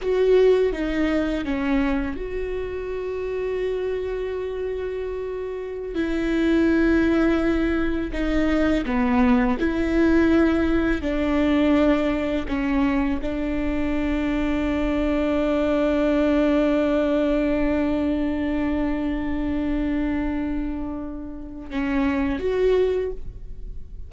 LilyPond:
\new Staff \with { instrumentName = "viola" } { \time 4/4 \tempo 4 = 83 fis'4 dis'4 cis'4 fis'4~ | fis'1~ | fis'16 e'2. dis'8.~ | dis'16 b4 e'2 d'8.~ |
d'4~ d'16 cis'4 d'4.~ d'16~ | d'1~ | d'1~ | d'2 cis'4 fis'4 | }